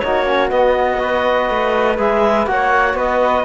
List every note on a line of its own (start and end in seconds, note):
0.00 0.52 A#3
0.00 0.27 D#4
0.00 1.02 F#4
0.00 0.49 C#5
0.27 0.50 C#4
0.50 0.99 B3
0.50 1.50 B3
0.50 1.98 D#5
0.99 1.98 F#4
0.99 2.51 B4
1.50 1.99 A3
1.98 2.47 G#3
1.98 2.47 G#4
1.98 2.47 E5
2.47 2.94 A#3
2.47 3.45 F#4
2.47 2.98 C#5
2.47 2.97 F#5
2.94 3.44 B3
2.94 3.45 B4
2.94 3.45 D#5